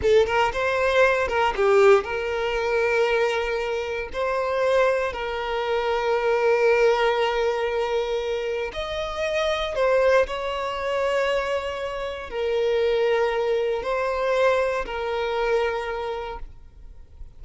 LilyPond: \new Staff \with { instrumentName = "violin" } { \time 4/4 \tempo 4 = 117 a'8 ais'8 c''4. ais'8 g'4 | ais'1 | c''2 ais'2~ | ais'1~ |
ais'4 dis''2 c''4 | cis''1 | ais'2. c''4~ | c''4 ais'2. | }